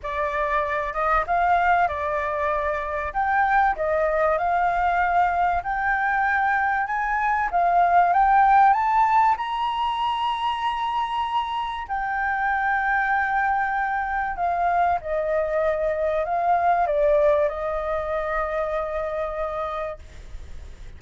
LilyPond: \new Staff \with { instrumentName = "flute" } { \time 4/4 \tempo 4 = 96 d''4. dis''8 f''4 d''4~ | d''4 g''4 dis''4 f''4~ | f''4 g''2 gis''4 | f''4 g''4 a''4 ais''4~ |
ais''2. g''4~ | g''2. f''4 | dis''2 f''4 d''4 | dis''1 | }